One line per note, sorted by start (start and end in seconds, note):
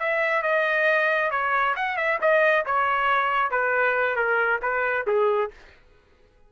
0.00 0.43 E5
0.43 1.31 D#5
1.31 1.75 C#5
1.76 1.97 F#5
1.97 2.19 E5
2.22 2.66 D#5
2.66 3.51 C#5
3.51 4.17 B4
4.17 4.61 A#4
4.62 5.07 B4
5.07 5.51 G#4